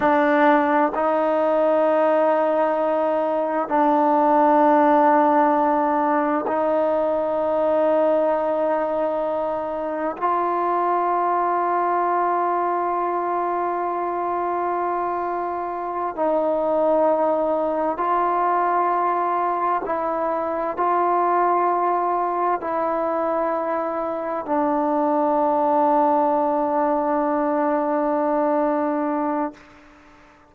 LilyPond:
\new Staff \with { instrumentName = "trombone" } { \time 4/4 \tempo 4 = 65 d'4 dis'2. | d'2. dis'4~ | dis'2. f'4~ | f'1~ |
f'4. dis'2 f'8~ | f'4. e'4 f'4.~ | f'8 e'2 d'4.~ | d'1 | }